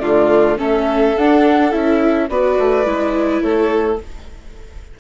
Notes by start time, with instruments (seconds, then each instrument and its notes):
0.00 bassoon D3, viola A3, violin F4, flute D5
0.58 bassoon A3, viola C#4, violin A4, flute E5
1.18 bassoon D4, viola D4, flute F#5
1.72 bassoon C#4, viola E4, flute E5
2.30 bassoon B3, viola F#4, violin B4, flute D5
2.59 bassoon A3
2.86 bassoon G#3, viola E4
3.42 bassoon A3, violin A4, flute C#5